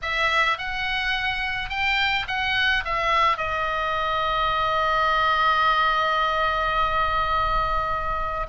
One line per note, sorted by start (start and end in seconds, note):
0.02 0.58 E5
0.58 1.69 F#5
1.69 2.26 G5
2.27 2.84 F#5
2.84 3.37 E5
3.37 8.46 D#5